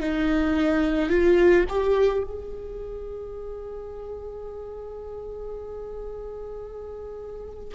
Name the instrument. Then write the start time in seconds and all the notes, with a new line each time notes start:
viola
0.00 D#4
1.10 F4
1.69 G4
2.24 G#4